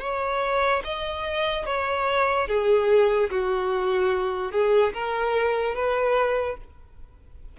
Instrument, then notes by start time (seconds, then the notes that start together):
violin
0.00 C#5
0.84 D#5
1.66 C#5
2.47 G#4
3.30 F#4
4.51 G#4
4.93 A#4
5.75 B4